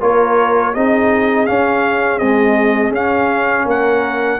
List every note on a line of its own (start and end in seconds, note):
0.00 0.75 A#3
0.00 0.73 F4
0.00 0.73 A#4
0.00 0.74 C#5
0.74 1.48 C4
0.74 1.47 D#4
0.74 3.68 G#4
0.74 1.46 D#5
1.46 2.20 C#4
1.46 2.18 F5
2.18 2.95 G#3
2.18 2.91 C4
2.18 2.91 D#5
2.91 3.64 C#4
2.91 4.39 C#4
2.91 3.68 F5
3.65 4.38 A#3
3.65 4.39 A#4
3.65 4.39 F#5